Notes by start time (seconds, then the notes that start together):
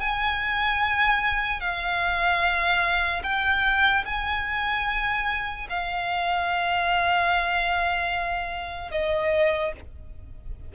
0.00 G#5
1.60 F5
3.23 G5
4.05 G#5
5.69 F5
8.91 D#5